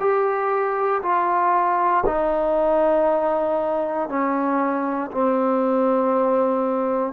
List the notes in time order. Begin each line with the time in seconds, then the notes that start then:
0.00 G4
1.03 F4
2.07 D#4
4.09 C#4
5.11 C4